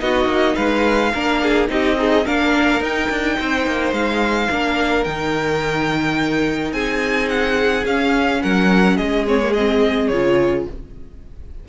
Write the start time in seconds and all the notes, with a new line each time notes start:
0.00 B3 D#4 F#4 D#5
0.25 A#3
0.55 G#3 B4 F5
1.13 A#3 D4 A#4
1.42 G#4
1.68 C4 D#4 G4 D#5
1.97 D#4 G#4
2.24 A#3 D4 A#4 F5
2.80 D#4 G5
3.10 D4
3.39 C4 C5
3.66 A#3
3.92 G#3 F5
4.50 A#3 D4 A#4
5.04 D#3 D#4 G5
6.72 C4 G#4 G#5
7.29 F#5
7.85 C#4 F5
8.42 F#3 A#4 F#5
8.96 G#3 G#4 D#5
9.27 C4 C#5
9.40 A#3
9.53 C4 D#5
10.07 C#3 F4 C#5